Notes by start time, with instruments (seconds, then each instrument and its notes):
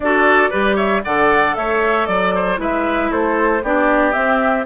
0.00 bassoon D4, clarinet F#4, oboe A4, flute D5
0.50 bassoon G3, clarinet G4, oboe B4
0.75 oboe C#5, flute E5
1.03 bassoon D3, clarinet A4, oboe D5, flute F#5
1.55 bassoon A3, oboe C#5, flute E5
2.06 bassoon F#3, flute D5, oboe D5
2.34 oboe C5
2.56 bassoon G#3, clarinet E4, oboe B4, flute E5
3.11 bassoon A3, oboe A4, flute C5
3.62 bassoon B3, clarinet D4, oboe G4, flute D5
4.12 clarinet C4, bassoon C4, flute E5